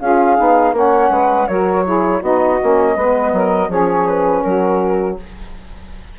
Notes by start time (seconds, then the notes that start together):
0.00 C#4 F4 G#4 F5
0.37 B3 D#4
0.72 A#3 C#4 C#5 F#5
1.10 G#3 B4
1.47 F#3 F#4 A#4 C#5
1.84 E4 G#4
2.19 B3 D#4 F#4 D#5
2.60 A#3 C#4
2.95 G#3 B3 B4
3.32 F#3 A#4
3.68 F3 C#4 G#4 C#5
4.07 B4
4.43 F#3 F#4 A#4